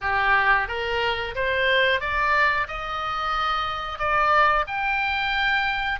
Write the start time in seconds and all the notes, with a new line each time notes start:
0.01 G4
0.68 A#4
1.35 C5
2.00 D5
2.67 D#5
3.98 D5
4.67 G5